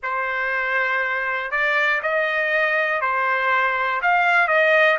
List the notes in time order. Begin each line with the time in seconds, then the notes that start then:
0.03 C5
1.50 D5
2.02 D#5
3.01 C5
4.02 F5
4.47 D#5